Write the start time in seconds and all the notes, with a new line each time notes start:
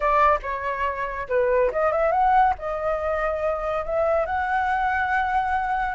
0.00 D5
0.42 C#5
1.28 B4
1.72 D#5
1.91 E5
2.11 F#5
2.58 D#5
3.85 E5
4.26 F#5